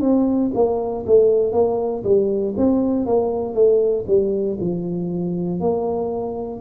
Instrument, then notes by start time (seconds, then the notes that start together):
tuba
0.00 C4
0.54 A#3
1.06 A3
1.52 A#3
2.04 G3
2.57 C4
3.06 A#3
3.54 A3
4.07 G3
4.60 F3
5.60 A#3